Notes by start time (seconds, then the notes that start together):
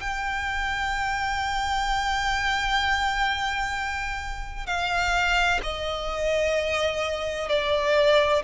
0.00 G5
4.67 F5
5.63 D#5
7.49 D5